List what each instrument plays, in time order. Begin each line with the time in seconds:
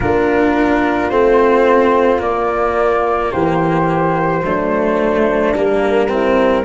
0.00 tuba A#3, cello D4, horn F4, flute A#4
1.09 tuba A3, cello C4, flute C5
2.18 cello A#3, tuba A#3, flute D5
3.32 tuba E3, horn G4, flute C5
4.43 tuba F#3, cello A3, horn D4
5.55 tuba G3, cello A#3, flute A#4
6.08 cello C4, horn E4